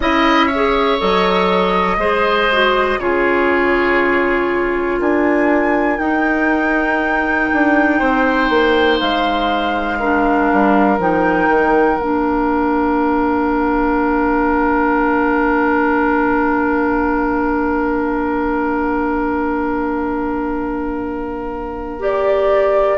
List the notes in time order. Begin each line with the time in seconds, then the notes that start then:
0.00 C#4 E4 D#5 E5
0.46 C#5
0.54 G#4
0.98 F#3 A4 D#5
1.97 G#3 G#4 C5
2.51 F#4
2.99 C#3 F4 G#4 C#5
4.99 D4 A#4 G#5
5.99 D#4 G5
7.53 D4
7.99 C4 C5
8.49 A#3
8.99 G#3 F5
9.99 D4 A#4
10.52 G3
10.98 F3 D#4 G5
11.48 D#3
11.97 A#3 D4 F5
21.99 G4 D5